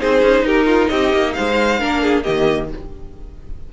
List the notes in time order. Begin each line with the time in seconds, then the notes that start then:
0.00 C4 D#4 G#4 C5
0.22 C#4
0.42 D#4 G4 A#4
0.66 F4
0.89 C4 G4 D#5
1.13 A#3
1.33 G#3 C5 F5
1.79 A#3 D4 A#4
2.02 G#4
2.23 D#3 A#3 G4 D#5